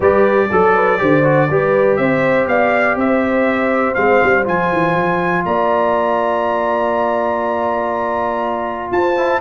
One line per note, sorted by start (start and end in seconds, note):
0.00 0.49 G3
0.00 0.50 G4
0.00 0.48 B4
0.00 1.96 D5
0.50 1.01 F#3
0.50 0.74 A4
0.50 0.98 A4
0.74 0.99 B4
0.98 1.50 D3
0.98 1.22 G4
0.98 1.50 C5
1.23 1.48 F#4
1.50 1.98 G3
1.50 3.96 G4
1.50 1.99 B4
1.96 2.46 C4
1.96 2.49 C5
1.96 2.46 E5
2.46 2.96 B3
2.46 2.98 D5
2.46 2.97 F5
2.96 3.95 C4
2.96 5.45 C5
2.96 3.94 E5
3.94 4.21 G#3
3.94 4.43 C4
3.94 4.43 F5
4.23 4.47 G3
4.43 4.72 F3
4.43 9.14 F4
4.43 5.44 G#5
4.72 4.96 E3
4.96 5.45 F3
5.44 8.91 A#3
5.44 8.92 D5
5.44 8.92 A#5
8.91 9.41 F4
8.91 9.41 C5
8.91 9.41 A5
9.16 9.41 E4